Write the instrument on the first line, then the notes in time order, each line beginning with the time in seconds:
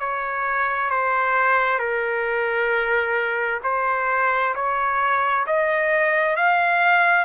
trumpet
0.00 C#5
0.91 C5
1.79 A#4
3.64 C5
4.55 C#5
5.47 D#5
6.36 F5